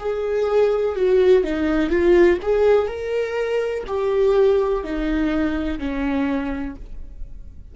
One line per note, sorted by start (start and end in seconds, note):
0.00 0.96 G#4
0.96 1.44 F#4
1.44 1.90 D#4
1.90 2.39 F4
2.42 2.88 G#4
2.88 3.84 A#4
3.88 4.84 G4
4.84 5.79 D#4
5.79 6.76 C#4